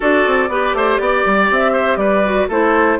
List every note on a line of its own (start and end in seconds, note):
0.00 0.26 D4
0.00 0.49 F#4
0.00 0.49 A4
0.00 1.52 D5
0.26 0.48 C4
0.48 0.73 B3
0.48 2.25 G4
0.48 0.76 B4
0.73 0.98 A3
0.73 1.01 C5
0.99 1.24 B3
0.99 1.72 D5
1.25 1.50 G3
1.50 1.96 C4
1.50 1.97 E5
1.72 1.97 C5
1.96 2.46 G3
1.96 2.48 B4
1.96 2.47 D5
2.25 2.50 F#4
2.48 2.99 A3
2.48 2.99 E4
2.48 2.98 A4
2.48 2.99 C5